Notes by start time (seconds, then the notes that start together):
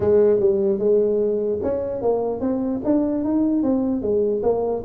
0.00 G#3
0.39 G3
0.79 G#3
1.62 C#4
2.01 A#3
2.40 C4
2.84 D4
3.24 D#4
3.63 C4
4.01 G#3
4.42 A#3